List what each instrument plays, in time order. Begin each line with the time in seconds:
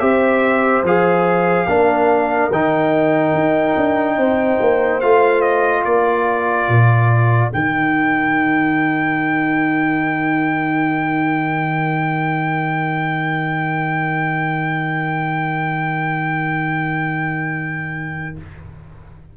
0.00 tuba C4, trombone G4, horn C5, trumpet E5
0.84 tuba F3, trombone G#4, trumpet F5
1.67 tuba A#3, trombone D4, horn A#4
2.52 tuba D#3, trombone D#4, trumpet G5
3.34 tuba D#4
3.77 tuba D4
4.18 tuba C4, horn C5
4.61 tuba A#3
5.01 tuba A3, trombone F4, trumpet F5
5.42 trumpet D#5
5.84 tuba A#3, horn A#4, trumpet D5
6.69 tuba A#2
7.52 tuba D#3, trombone D#4, trumpet G5